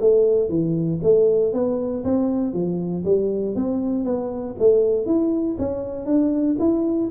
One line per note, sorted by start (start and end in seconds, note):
0.00 0.49 A3
0.49 0.99 E3
1.03 1.53 A3
1.53 2.03 B3
2.04 2.53 C4
2.53 3.04 F3
3.05 3.55 G3
3.55 4.04 C4
4.04 4.55 B3
4.59 5.06 A3
5.06 5.57 E4
5.58 6.06 C#4
6.06 6.57 D4
6.59 7.10 E4